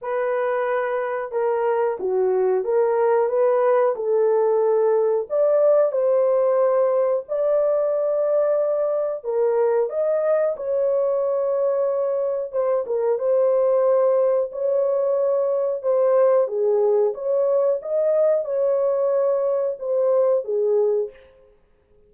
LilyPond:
\new Staff \with { instrumentName = "horn" } { \time 4/4 \tempo 4 = 91 b'2 ais'4 fis'4 | ais'4 b'4 a'2 | d''4 c''2 d''4~ | d''2 ais'4 dis''4 |
cis''2. c''8 ais'8 | c''2 cis''2 | c''4 gis'4 cis''4 dis''4 | cis''2 c''4 gis'4 | }